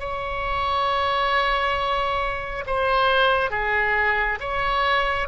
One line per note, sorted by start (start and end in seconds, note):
0.00 2.65 C#5
2.67 3.51 C5
3.51 4.39 G#4
4.40 5.29 C#5